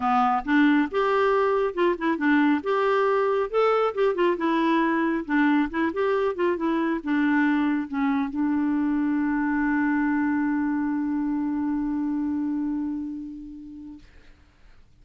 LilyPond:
\new Staff \with { instrumentName = "clarinet" } { \time 4/4 \tempo 4 = 137 b4 d'4 g'2 | f'8 e'8 d'4 g'2 | a'4 g'8 f'8 e'2 | d'4 e'8 g'4 f'8 e'4 |
d'2 cis'4 d'4~ | d'1~ | d'1~ | d'1 | }